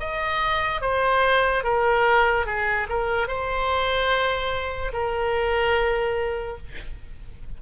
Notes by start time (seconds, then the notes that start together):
0.00 D#5
0.82 C5
1.64 A#4
2.47 G#4
2.90 A#4
3.28 C5
4.94 A#4